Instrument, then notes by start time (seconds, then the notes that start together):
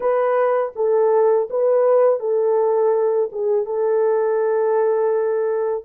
horn
0.00 B4
0.75 A4
1.50 B4
2.20 A4
3.31 G#4
3.65 A4